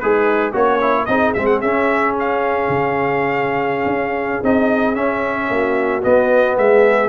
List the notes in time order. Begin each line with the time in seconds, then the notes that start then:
0.00 G#3 D#4 G#4 B4
0.52 A#3 C#4 F#4 C#5
0.81 E4
1.06 C4 D#4 G#4 D#5
1.34 G#3 C4 E5
1.46 F#5
1.61 C#4 E5
2.19 F5
2.69 C#3
3.86 C#4
4.43 C4 D#4 D#5
4.95 C#4 E5
5.50 A#3 F#4
6.03 B3 D#5
6.58 G#3 G#4 E5